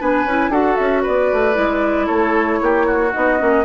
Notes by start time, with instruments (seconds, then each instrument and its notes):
0.00 bassoon B3, clarinet D4, oboe B4, flute G#5
0.25 bassoon C#4, clarinet E4
0.49 bassoon D4, clarinet F#4, oboe A4, flute F#5
0.75 bassoon C#4, flute E5
1.02 bassoon B3, oboe B4, flute D5
1.32 bassoon A3
1.53 bassoon G#3, clarinet E4
2.06 bassoon A3, oboe A4, flute C#5
2.61 bassoon A#3, oboe G4
2.86 oboe F#4
3.13 bassoon B3, clarinet D#4, flute D#5
3.38 bassoon A#3, clarinet C#4